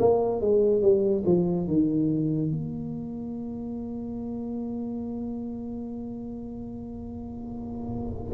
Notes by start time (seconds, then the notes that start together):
0.00 A#3
0.42 G#3
0.82 G3
1.26 F3
1.68 D#3
2.52 A#3